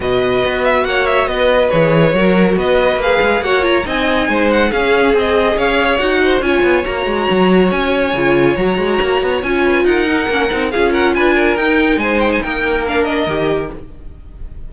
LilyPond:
<<
  \new Staff \with { instrumentName = "violin" } { \time 4/4 \tempo 4 = 140 dis''4. e''8 fis''8 e''8 dis''4 | cis''2 dis''4 f''4 | fis''8 ais''8 gis''4. fis''8 f''4 | dis''4 f''4 fis''4 gis''4 |
ais''2 gis''2 | ais''2 gis''4 fis''4~ | fis''4 f''8 fis''8 gis''4 g''4 | gis''8 g''16 gis''16 g''4 f''8 dis''4. | }
  \new Staff \with { instrumentName = "violin" } { \time 4/4 b'2 cis''4 b'4~ | b'4 ais'4 b'2 | cis''4 dis''4 c''4 gis'4~ | gis'4 cis''4. c''8 cis''4~ |
cis''1~ | cis''2~ cis''8 b'8 ais'4~ | ais'4 gis'8 ais'8 b'8 ais'4. | c''4 ais'2. | }
  \new Staff \with { instrumentName = "viola" } { \time 4/4 fis'1 | gis'4 fis'2 gis'4 | fis'8 f'8 dis'2 cis'4 | gis'2 fis'4 f'4 |
fis'2. f'4 | fis'2 f'4. dis'8 | cis'8 dis'8 f'2 dis'4~ | dis'2 d'4 g'4 | }
  \new Staff \with { instrumentName = "cello" } { \time 4/4 b,4 b4 ais4 b4 | e4 fis4 b4 ais8 gis8 | ais4 c'4 gis4 cis'4 | c'4 cis'4 dis'4 cis'8 b8 |
ais8 gis8 fis4 cis'4 cis4 | fis8 gis8 ais8 b8 cis'4 dis'4 | ais8 c'8 cis'4 d'4 dis'4 | gis4 ais2 dis4 | }
>>